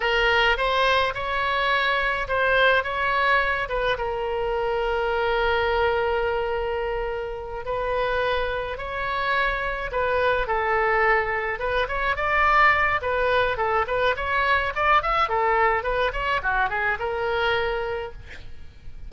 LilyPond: \new Staff \with { instrumentName = "oboe" } { \time 4/4 \tempo 4 = 106 ais'4 c''4 cis''2 | c''4 cis''4. b'8 ais'4~ | ais'1~ | ais'4. b'2 cis''8~ |
cis''4. b'4 a'4.~ | a'8 b'8 cis''8 d''4. b'4 | a'8 b'8 cis''4 d''8 e''8 a'4 | b'8 cis''8 fis'8 gis'8 ais'2 | }